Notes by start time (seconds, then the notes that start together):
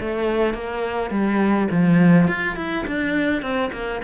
0.00 A3
0.54 A#3
1.10 G3
1.70 F3
2.27 F4
2.56 E4
2.87 D4
3.42 C4
3.72 A#3